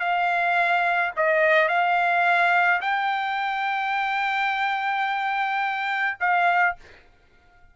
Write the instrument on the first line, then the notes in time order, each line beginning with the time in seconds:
trumpet
0.00 F5
1.17 D#5
1.69 F5
2.82 G5
6.20 F5